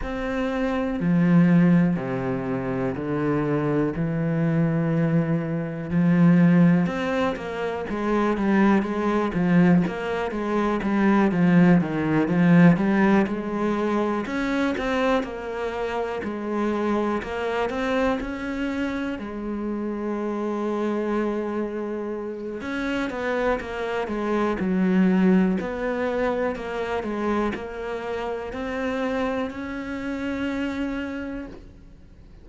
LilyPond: \new Staff \with { instrumentName = "cello" } { \time 4/4 \tempo 4 = 61 c'4 f4 c4 d4 | e2 f4 c'8 ais8 | gis8 g8 gis8 f8 ais8 gis8 g8 f8 | dis8 f8 g8 gis4 cis'8 c'8 ais8~ |
ais8 gis4 ais8 c'8 cis'4 gis8~ | gis2. cis'8 b8 | ais8 gis8 fis4 b4 ais8 gis8 | ais4 c'4 cis'2 | }